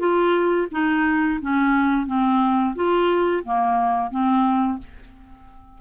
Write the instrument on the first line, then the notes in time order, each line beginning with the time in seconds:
clarinet
0.00 F4
0.72 D#4
1.42 C#4
2.07 C4
2.76 F4
3.45 A#3
4.11 C4